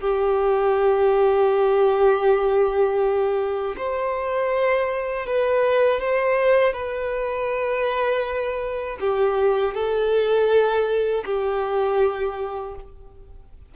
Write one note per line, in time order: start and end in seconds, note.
0.00 3.75 G4
3.77 5.26 C5
5.26 6.00 B4
6.00 6.73 C5
6.73 8.98 B4
9.00 9.74 G4
9.74 11.24 A4
11.25 12.75 G4